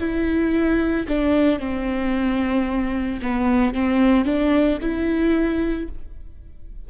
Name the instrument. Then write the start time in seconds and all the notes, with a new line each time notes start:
viola
0.00 E4
1.09 D4
1.60 C4
3.22 B3
3.75 C4
4.25 D4
4.82 E4